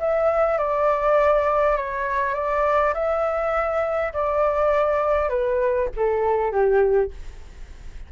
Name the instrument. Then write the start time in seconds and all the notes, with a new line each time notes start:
flute
0.00 E5
0.58 D5
1.77 C#5
2.34 D5
2.94 E5
4.13 D5
5.30 B4
5.96 A4
6.52 G4